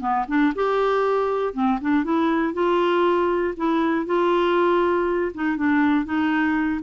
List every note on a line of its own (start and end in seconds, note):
0.00 0.25 B3
0.28 0.53 D4
0.55 1.54 G4
1.54 1.79 C4
1.81 2.04 D4
2.04 2.54 E4
2.54 3.55 F4
3.57 4.06 E4
4.06 5.32 F4
5.35 5.57 D#4
5.57 6.05 D4
6.05 6.81 D#4